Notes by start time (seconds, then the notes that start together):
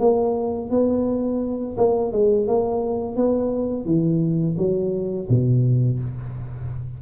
0.00 A#3
0.71 B3
1.78 A#3
2.12 G#3
2.47 A#3
3.17 B3
3.86 E3
4.58 F#3
5.29 B2